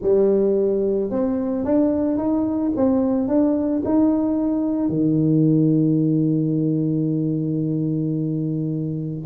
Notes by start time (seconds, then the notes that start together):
0.01 G3
1.10 C4
1.64 D4
2.17 D#4
2.76 C4
3.28 D4
3.84 D#4
4.88 D#3